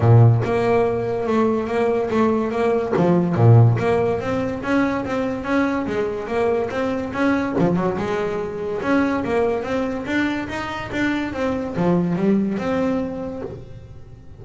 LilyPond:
\new Staff \with { instrumentName = "double bass" } { \time 4/4 \tempo 4 = 143 ais,4 ais2 a4 | ais4 a4 ais4 f4 | ais,4 ais4 c'4 cis'4 | c'4 cis'4 gis4 ais4 |
c'4 cis'4 f8 fis8 gis4~ | gis4 cis'4 ais4 c'4 | d'4 dis'4 d'4 c'4 | f4 g4 c'2 | }